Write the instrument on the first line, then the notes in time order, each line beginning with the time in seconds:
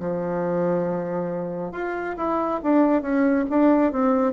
bassoon
0.00 F3
1.72 F4
2.17 E4
2.63 D4
3.02 C#4
3.50 D4
3.92 C4